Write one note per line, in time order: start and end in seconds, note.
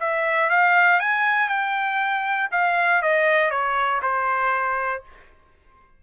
0.00 0.50 E5
0.50 1.00 F5
1.00 1.49 G#5
1.49 2.50 G5
2.52 3.02 F5
3.02 3.51 D#5
3.51 4.01 C#5
4.02 5.03 C5